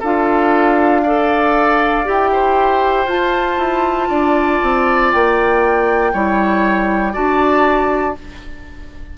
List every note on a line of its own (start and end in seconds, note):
0.00 2.06 D4
0.00 1.06 F4
0.00 1.02 A4
0.00 2.08 F5
1.03 2.05 A4
1.03 2.31 D5
2.05 3.06 E4
2.05 3.07 G4
2.05 3.09 G5
2.33 4.09 C5
3.06 3.57 F4
3.06 6.13 F4
3.06 5.12 A5
3.58 4.09 E4
4.09 4.60 D4
4.09 6.12 D5
4.63 5.14 C4
5.12 6.14 A#3
5.12 7.14 G5
6.13 7.16 G3
6.13 7.13 E4
6.13 7.13 C#5
7.13 8.18 D4
7.13 8.15 F#4
7.13 8.15 D5
7.13 8.16 A5